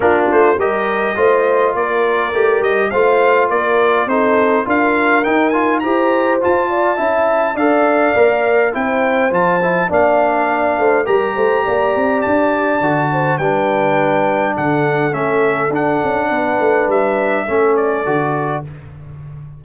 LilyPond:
<<
  \new Staff \with { instrumentName = "trumpet" } { \time 4/4 \tempo 4 = 103 ais'8 c''8 dis''2 d''4~ | d''8 dis''8 f''4 d''4 c''4 | f''4 g''8 gis''8 ais''4 a''4~ | a''4 f''2 g''4 |
a''4 f''2 ais''4~ | ais''4 a''2 g''4~ | g''4 fis''4 e''4 fis''4~ | fis''4 e''4. d''4. | }
  \new Staff \with { instrumentName = "horn" } { \time 4/4 f'4 ais'4 c''4 ais'4~ | ais'4 c''4 ais'4 a'4 | ais'2 c''4. d''8 | e''4 d''2 c''4~ |
c''4 d''4. c''8 ais'8 c''8 | d''2~ d''8 c''8 b'4~ | b'4 a'2. | b'2 a'2 | }
  \new Staff \with { instrumentName = "trombone" } { \time 4/4 d'4 g'4 f'2 | g'4 f'2 dis'4 | f'4 dis'8 f'8 g'4 f'4 | e'4 a'4 ais'4 e'4 |
f'8 e'8 d'2 g'4~ | g'2 fis'4 d'4~ | d'2 cis'4 d'4~ | d'2 cis'4 fis'4 | }
  \new Staff \with { instrumentName = "tuba" } { \time 4/4 ais8 a8 g4 a4 ais4 | a8 g8 a4 ais4 c'4 | d'4 dis'4 e'4 f'4 | cis'4 d'4 ais4 c'4 |
f4 ais4. a8 g8 a8 | ais8 c'8 d'4 d4 g4~ | g4 d4 a4 d'8 cis'8 | b8 a8 g4 a4 d4 | }
>>